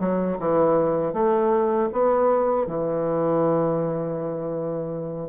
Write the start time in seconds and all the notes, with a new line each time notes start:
0.00 F#3
0.39 E3
1.14 A3
1.93 B3
2.67 E3